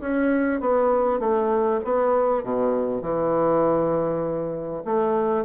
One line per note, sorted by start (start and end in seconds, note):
0.00 0.60 C#4
0.60 1.19 B3
1.19 1.80 A3
1.84 2.43 B3
2.43 3.01 B2
3.01 4.83 E3
4.85 5.44 A3